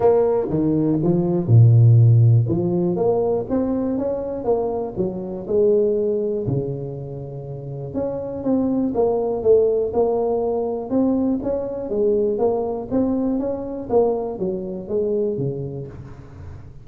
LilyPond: \new Staff \with { instrumentName = "tuba" } { \time 4/4 \tempo 4 = 121 ais4 dis4 f4 ais,4~ | ais,4 f4 ais4 c'4 | cis'4 ais4 fis4 gis4~ | gis4 cis2. |
cis'4 c'4 ais4 a4 | ais2 c'4 cis'4 | gis4 ais4 c'4 cis'4 | ais4 fis4 gis4 cis4 | }